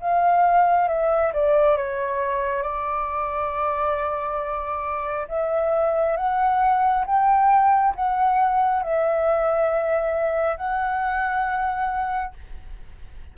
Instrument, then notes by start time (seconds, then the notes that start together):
flute
0.00 F5
0.87 E5
1.33 D5
1.76 C#5
2.62 D5
5.28 E5
6.16 F#5
7.05 G5
7.95 F#5
8.82 E5
10.56 F#5